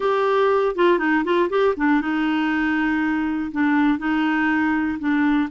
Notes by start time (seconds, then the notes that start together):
0.00 G4
0.75 F4
0.98 D#4
1.24 F4
1.49 G4
1.76 D4
2.01 D#4
3.51 D4
3.98 D#4
4.99 D4